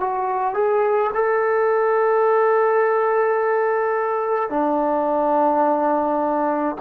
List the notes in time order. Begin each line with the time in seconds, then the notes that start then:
0.00 F#4
0.54 G#4
1.14 A4
4.50 D4